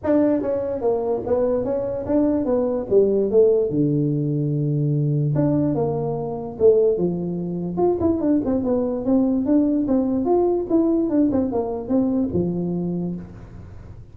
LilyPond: \new Staff \with { instrumentName = "tuba" } { \time 4/4 \tempo 4 = 146 d'4 cis'4 ais4 b4 | cis'4 d'4 b4 g4 | a4 d2.~ | d4 d'4 ais2 |
a4 f2 f'8 e'8 | d'8 c'8 b4 c'4 d'4 | c'4 f'4 e'4 d'8 c'8 | ais4 c'4 f2 | }